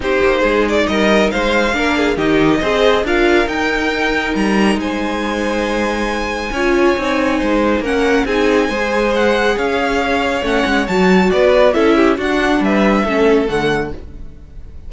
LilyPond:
<<
  \new Staff \with { instrumentName = "violin" } { \time 4/4 \tempo 4 = 138 c''4. d''8 dis''4 f''4~ | f''4 dis''2 f''4 | g''2 ais''4 gis''4~ | gis''1~ |
gis''2 fis''4 gis''4~ | gis''4 fis''4 f''2 | fis''4 a''4 d''4 e''4 | fis''4 e''2 fis''4 | }
  \new Staff \with { instrumentName = "violin" } { \time 4/4 g'4 gis'4 ais'4 c''4 | ais'8 gis'8 g'4 c''4 ais'4~ | ais'2. c''4~ | c''2. cis''4~ |
cis''4 c''4 ais'4 gis'4 | c''2 cis''2~ | cis''2 b'4 a'8 g'8 | fis'4 b'4 a'2 | }
  \new Staff \with { instrumentName = "viola" } { \time 4/4 dis'1 | d'4 dis'4 gis'4 f'4 | dis'1~ | dis'2. f'4 |
dis'2 cis'4 dis'4 | gis'1 | cis'4 fis'2 e'4 | d'2 cis'4 a4 | }
  \new Staff \with { instrumentName = "cello" } { \time 4/4 c'8 ais8 gis4 g4 gis4 | ais4 dis4 c'4 d'4 | dis'2 g4 gis4~ | gis2. cis'4 |
c'4 gis4 ais4 c'4 | gis2 cis'2 | a8 gis8 fis4 b4 cis'4 | d'4 g4 a4 d4 | }
>>